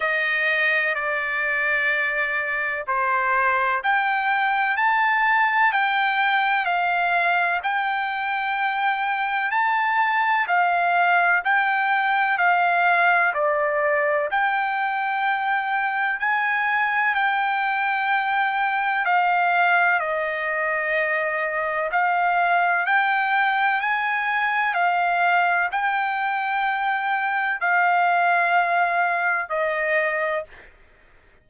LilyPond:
\new Staff \with { instrumentName = "trumpet" } { \time 4/4 \tempo 4 = 63 dis''4 d''2 c''4 | g''4 a''4 g''4 f''4 | g''2 a''4 f''4 | g''4 f''4 d''4 g''4~ |
g''4 gis''4 g''2 | f''4 dis''2 f''4 | g''4 gis''4 f''4 g''4~ | g''4 f''2 dis''4 | }